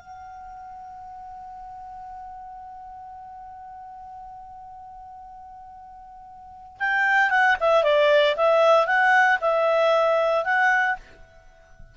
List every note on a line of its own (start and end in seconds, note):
0.00 6.78 F#5
6.80 7.30 G5
7.30 7.57 F#5
7.61 7.84 E5
7.84 8.36 D5
8.37 8.87 E5
8.87 9.39 F#5
9.42 10.45 E5
10.45 10.97 F#5